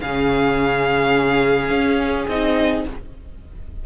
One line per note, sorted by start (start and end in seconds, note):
0.00 1.69 C#3
0.00 2.29 C#4
0.00 2.85 G#4
0.00 2.26 F5
1.69 2.26 C#4
2.27 2.84 C4
2.27 2.85 D#4
2.27 2.85 D#5